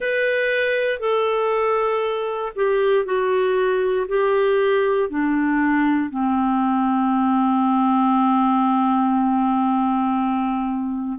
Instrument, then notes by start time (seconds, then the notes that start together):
clarinet
0.00 B4
0.99 A4
2.55 G4
3.05 F#4
4.07 G4
5.09 D4
6.10 C4